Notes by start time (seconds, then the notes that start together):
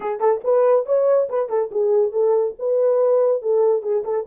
0.00 G#4
0.20 A4
0.44 B4
0.85 C#5
1.29 B4
1.49 A4
1.71 G#4
2.12 A4
2.58 B4
3.42 A4
3.82 G#4
4.04 A4